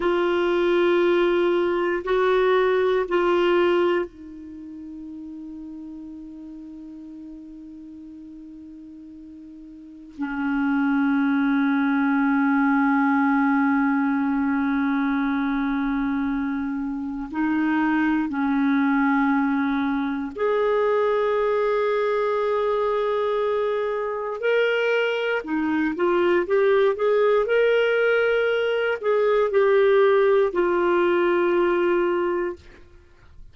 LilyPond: \new Staff \with { instrumentName = "clarinet" } { \time 4/4 \tempo 4 = 59 f'2 fis'4 f'4 | dis'1~ | dis'2 cis'2~ | cis'1~ |
cis'4 dis'4 cis'2 | gis'1 | ais'4 dis'8 f'8 g'8 gis'8 ais'4~ | ais'8 gis'8 g'4 f'2 | }